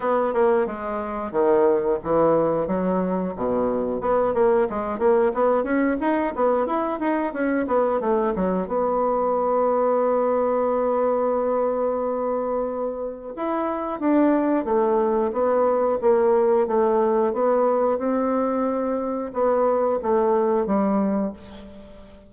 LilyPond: \new Staff \with { instrumentName = "bassoon" } { \time 4/4 \tempo 4 = 90 b8 ais8 gis4 dis4 e4 | fis4 b,4 b8 ais8 gis8 ais8 | b8 cis'8 dis'8 b8 e'8 dis'8 cis'8 b8 | a8 fis8 b2.~ |
b1 | e'4 d'4 a4 b4 | ais4 a4 b4 c'4~ | c'4 b4 a4 g4 | }